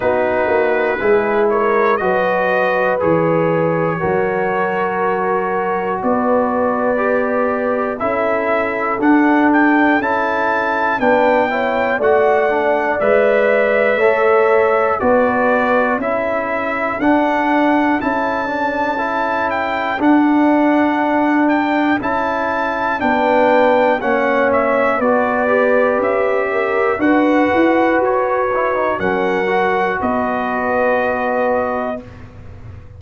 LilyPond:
<<
  \new Staff \with { instrumentName = "trumpet" } { \time 4/4 \tempo 4 = 60 b'4. cis''8 dis''4 cis''4~ | cis''2 d''2 | e''4 fis''8 g''8 a''4 g''4 | fis''4 e''2 d''4 |
e''4 fis''4 a''4. g''8 | fis''4. g''8 a''4 g''4 | fis''8 e''8 d''4 e''4 fis''4 | cis''4 fis''4 dis''2 | }
  \new Staff \with { instrumentName = "horn" } { \time 4/4 fis'4 gis'8 ais'8 b'2 | ais'2 b'2 | a'2. b'8 cis''8 | d''2 cis''4 b'4 |
a'1~ | a'2. b'4 | cis''4 b'4. ais'8 b'4~ | b'4 ais'4 b'2 | }
  \new Staff \with { instrumentName = "trombone" } { \time 4/4 dis'4 e'4 fis'4 gis'4 | fis'2. g'4 | e'4 d'4 e'4 d'8 e'8 | fis'8 d'8 b'4 a'4 fis'4 |
e'4 d'4 e'8 d'8 e'4 | d'2 e'4 d'4 | cis'4 fis'8 g'4. fis'4~ | fis'8 e'16 dis'16 cis'8 fis'2~ fis'8 | }
  \new Staff \with { instrumentName = "tuba" } { \time 4/4 b8 ais8 gis4 fis4 e4 | fis2 b2 | cis'4 d'4 cis'4 b4 | a4 gis4 a4 b4 |
cis'4 d'4 cis'2 | d'2 cis'4 b4 | ais4 b4 cis'4 d'8 e'8 | fis'4 fis4 b2 | }
>>